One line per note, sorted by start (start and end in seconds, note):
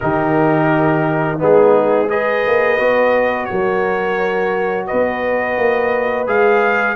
0.00 1.41 D#3
0.00 1.38 D#4
0.00 1.38 G4
0.00 1.39 A#4
1.38 2.46 G#3
1.38 2.08 B3
1.38 2.08 D#4
1.38 2.10 G#4
2.09 2.78 G#4
2.09 3.49 B4
2.09 3.45 D#5
2.46 2.79 A#3
2.78 3.48 B3
2.78 6.26 F#4
3.45 4.87 A#4
3.45 4.84 C#5
3.51 4.91 F#3
4.86 5.57 B3
4.86 6.96 B4
4.86 6.26 D#5
5.57 6.27 A#3
6.26 6.96 G#3
6.26 6.96 G#4
6.26 6.96 F5